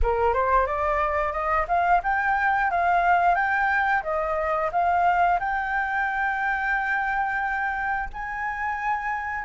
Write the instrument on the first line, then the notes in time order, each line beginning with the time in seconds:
flute
0.02 A#4
0.33 C5
0.66 D5
1.32 D#5
1.68 F5
2.03 G5
2.70 F5
3.35 G5
4.03 D#5
4.72 F5
5.39 G5
8.13 G#5